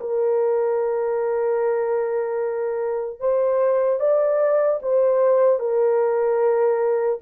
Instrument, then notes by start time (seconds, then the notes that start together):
horn
0.00 A#4
3.19 C5
4.00 D5
4.82 C5
5.59 A#4